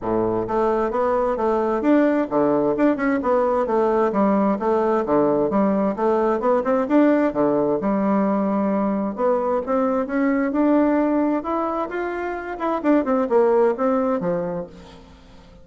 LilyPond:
\new Staff \with { instrumentName = "bassoon" } { \time 4/4 \tempo 4 = 131 a,4 a4 b4 a4 | d'4 d4 d'8 cis'8 b4 | a4 g4 a4 d4 | g4 a4 b8 c'8 d'4 |
d4 g2. | b4 c'4 cis'4 d'4~ | d'4 e'4 f'4. e'8 | d'8 c'8 ais4 c'4 f4 | }